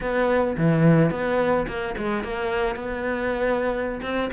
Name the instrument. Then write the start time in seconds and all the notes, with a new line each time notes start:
cello
0.01 B3
0.57 E3
1.11 B3
1.67 A#3
1.97 G#3
2.23 A#3
2.75 B3
4.02 C4